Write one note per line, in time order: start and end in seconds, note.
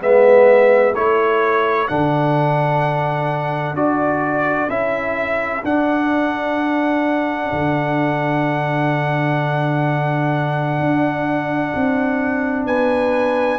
0.00 0.94 G#3
0.00 0.94 B3
0.00 0.95 B4
0.00 0.94 E5
0.94 1.88 A3
0.94 1.88 E4
0.94 12.66 A4
0.94 1.88 C#5
1.88 3.73 D3
1.88 3.75 D4
1.88 3.75 F#5
3.73 4.67 D4
3.73 4.69 F#4
3.73 4.69 D5
4.68 5.62 C#4
4.68 5.62 E4
4.68 5.63 E5
5.64 7.51 D4
5.64 13.59 D4
5.64 12.66 F#5
7.52 10.79 D3
10.79 11.73 D4
11.75 12.66 C4
12.66 13.59 B3
12.66 13.59 B4
12.66 13.59 G#5